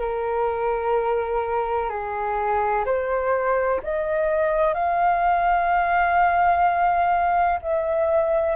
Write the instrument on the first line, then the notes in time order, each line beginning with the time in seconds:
flute
0.00 A#4
1.90 G#4
2.86 C5
3.84 D#5
4.74 F5
7.62 E5